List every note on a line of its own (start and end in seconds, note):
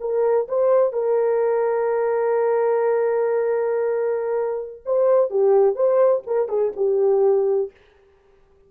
0.00 0.47 A#4
0.48 0.93 C5
0.93 4.82 A#4
4.85 5.30 C5
5.30 5.75 G4
5.75 6.22 C5
6.27 6.49 A#4
6.49 6.72 G#4
6.76 7.71 G4